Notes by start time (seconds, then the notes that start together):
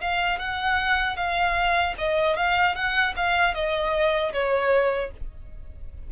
0.00 F5
0.39 F#5
1.16 F5
1.98 D#5
2.36 F5
2.75 F#5
3.16 F5
3.54 D#5
4.32 C#5